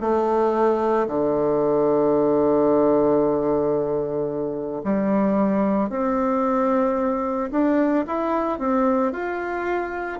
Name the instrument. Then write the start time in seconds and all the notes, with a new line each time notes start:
bassoon
0.00 A3
1.08 D3
4.84 G3
5.89 C4
7.51 D4
8.07 E4
8.59 C4
9.12 F4